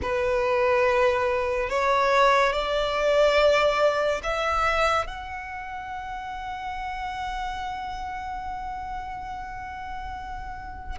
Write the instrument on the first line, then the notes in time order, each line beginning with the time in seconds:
violin
0.02 B4
1.69 C#5
2.52 D5
4.23 E5
5.07 F#5